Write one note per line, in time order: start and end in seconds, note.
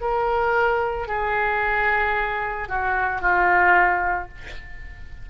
0.00 1.07 A#4
1.07 2.68 G#4
2.68 3.21 F#4
3.21 4.28 F4